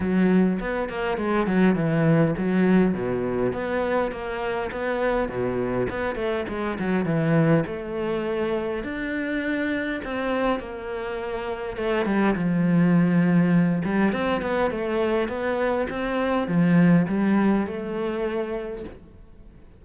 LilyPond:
\new Staff \with { instrumentName = "cello" } { \time 4/4 \tempo 4 = 102 fis4 b8 ais8 gis8 fis8 e4 | fis4 b,4 b4 ais4 | b4 b,4 b8 a8 gis8 fis8 | e4 a2 d'4~ |
d'4 c'4 ais2 | a8 g8 f2~ f8 g8 | c'8 b8 a4 b4 c'4 | f4 g4 a2 | }